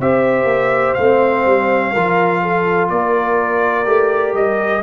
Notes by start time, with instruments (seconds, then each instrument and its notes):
0.00 tuba C4, trombone G4, horn C5, trumpet E5
0.45 tuba A#3
0.94 tuba A3, trombone C4, trumpet F5
1.46 tuba G3
1.93 tuba F3, trombone F4, horn A#4
2.42 horn A4
2.90 tuba A#3, horn A#4, trumpet D5
3.85 tuba A3, trombone G4
4.34 tuba G3, trumpet D#5